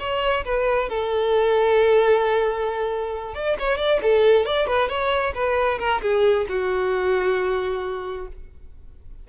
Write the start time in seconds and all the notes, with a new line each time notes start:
0.00 C#5
0.45 B4
0.90 A4
3.35 D5
3.59 C#5
3.78 D5
4.03 A4
4.46 D5
4.68 B4
4.89 C#5
5.34 B4
5.79 A#4
6.02 G#4
6.49 F#4